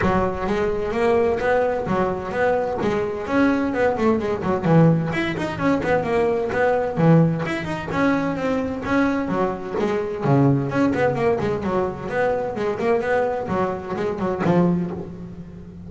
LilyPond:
\new Staff \with { instrumentName = "double bass" } { \time 4/4 \tempo 4 = 129 fis4 gis4 ais4 b4 | fis4 b4 gis4 cis'4 | b8 a8 gis8 fis8 e4 e'8 dis'8 | cis'8 b8 ais4 b4 e4 |
e'8 dis'8 cis'4 c'4 cis'4 | fis4 gis4 cis4 cis'8 b8 | ais8 gis8 fis4 b4 gis8 ais8 | b4 fis4 gis8 fis8 f4 | }